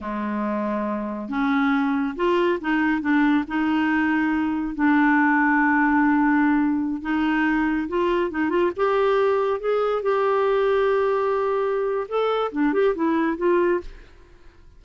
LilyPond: \new Staff \with { instrumentName = "clarinet" } { \time 4/4 \tempo 4 = 139 gis2. cis'4~ | cis'4 f'4 dis'4 d'4 | dis'2. d'4~ | d'1~ |
d'16 dis'2 f'4 dis'8 f'16~ | f'16 g'2 gis'4 g'8.~ | g'1 | a'4 d'8 g'8 e'4 f'4 | }